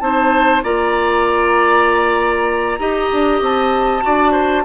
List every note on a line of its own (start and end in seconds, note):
0.00 0.63 C4
0.00 0.62 D#4
0.00 0.64 C5
0.00 0.62 A5
0.63 2.79 A#3
0.63 2.79 F4
0.63 2.80 D5
0.63 3.42 A#5
2.79 3.10 D#4
2.79 4.02 G4
2.79 4.04 D#5
3.12 3.41 D4
3.41 4.03 C4
3.41 4.65 A5
4.02 4.65 D4
4.02 4.64 F#4
4.02 4.32 D5
4.32 4.63 C5